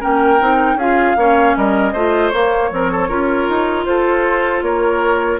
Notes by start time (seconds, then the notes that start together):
0.00 A#3 C#4 A#4 G5
0.40 C4 D#4
0.75 C#4 F4 G#4 F5
1.16 A#3 C#4 C#5
1.57 G3 A#4 D#5
1.92 A3 F4 C5
2.29 A#3 C#5
2.70 F3 C4 A#4
2.92 A4
3.08 C#4 F4 A#4
3.49 D#4
3.85 F4 A4 C5
4.62 A#3 A#4 C#5